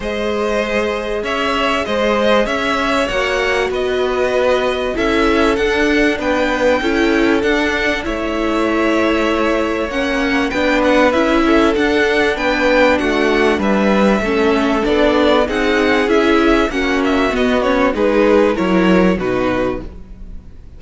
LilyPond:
<<
  \new Staff \with { instrumentName = "violin" } { \time 4/4 \tempo 4 = 97 dis''2 e''4 dis''4 | e''4 fis''4 dis''2 | e''4 fis''4 g''2 | fis''4 e''2. |
fis''4 g''8 fis''8 e''4 fis''4 | g''4 fis''4 e''2 | d''4 fis''4 e''4 fis''8 e''8 | dis''8 cis''8 b'4 cis''4 b'4 | }
  \new Staff \with { instrumentName = "violin" } { \time 4/4 c''2 cis''4 c''4 | cis''2 b'2 | a'2 b'4 a'4~ | a'4 cis''2.~ |
cis''4 b'4. a'4. | b'4 fis'4 b'4 a'4~ | a'4 gis'2 fis'4~ | fis'4 gis'4 ais'4 fis'4 | }
  \new Staff \with { instrumentName = "viola" } { \time 4/4 gis'1~ | gis'4 fis'2. | e'4 d'2 e'4 | d'4 e'2. |
cis'4 d'4 e'4 d'4~ | d'2. cis'4 | d'4 dis'4 e'4 cis'4 | b8 cis'8 dis'4 e'4 dis'4 | }
  \new Staff \with { instrumentName = "cello" } { \time 4/4 gis2 cis'4 gis4 | cis'4 ais4 b2 | cis'4 d'4 b4 cis'4 | d'4 a2. |
ais4 b4 cis'4 d'4 | b4 a4 g4 a4 | b4 c'4 cis'4 ais4 | b4 gis4 fis4 b,4 | }
>>